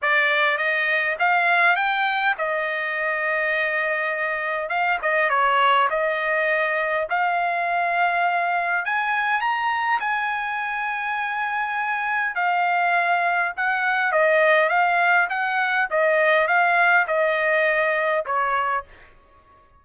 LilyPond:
\new Staff \with { instrumentName = "trumpet" } { \time 4/4 \tempo 4 = 102 d''4 dis''4 f''4 g''4 | dis''1 | f''8 dis''8 cis''4 dis''2 | f''2. gis''4 |
ais''4 gis''2.~ | gis''4 f''2 fis''4 | dis''4 f''4 fis''4 dis''4 | f''4 dis''2 cis''4 | }